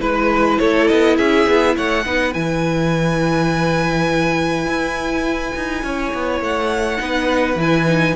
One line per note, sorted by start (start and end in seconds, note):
0.00 0.59 G#3
0.00 2.04 E4
0.00 0.59 B4
0.59 0.90 A3
0.59 1.17 A4
0.59 0.88 C#5
0.88 1.19 B3
0.88 1.17 D#5
1.17 1.47 C#4
1.17 1.76 G#4
1.17 1.76 E5
1.47 1.76 B3
1.76 2.06 A3
1.76 2.05 C#5
1.76 2.33 F#5
2.05 2.35 B3
2.05 2.33 D#4
2.05 5.84 B4
2.33 4.66 E3
2.33 6.98 E4
2.33 6.41 G#5
4.66 5.53 E4
5.56 5.84 D#4
5.84 6.13 C#4
5.84 7.00 C#5
6.14 6.41 B3
6.41 6.99 A3
6.41 7.60 F#5
6.98 7.55 B3
6.98 7.56 D#4
6.98 8.16 B4
7.55 8.14 E3
7.55 7.86 E4
7.55 8.16 G#5
7.86 8.15 D#4